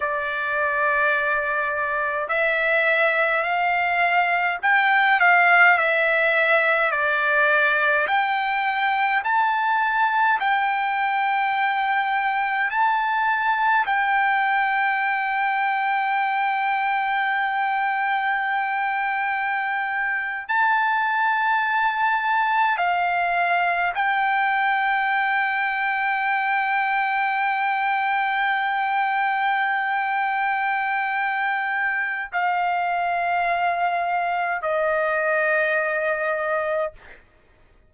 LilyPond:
\new Staff \with { instrumentName = "trumpet" } { \time 4/4 \tempo 4 = 52 d''2 e''4 f''4 | g''8 f''8 e''4 d''4 g''4 | a''4 g''2 a''4 | g''1~ |
g''4.~ g''16 a''2 f''16~ | f''8. g''2.~ g''16~ | g''1 | f''2 dis''2 | }